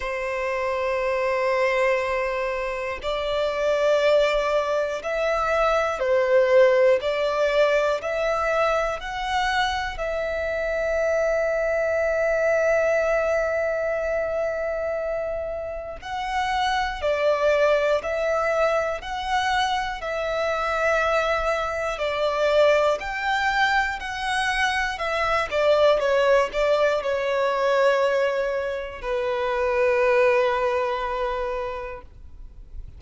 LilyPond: \new Staff \with { instrumentName = "violin" } { \time 4/4 \tempo 4 = 60 c''2. d''4~ | d''4 e''4 c''4 d''4 | e''4 fis''4 e''2~ | e''1 |
fis''4 d''4 e''4 fis''4 | e''2 d''4 g''4 | fis''4 e''8 d''8 cis''8 d''8 cis''4~ | cis''4 b'2. | }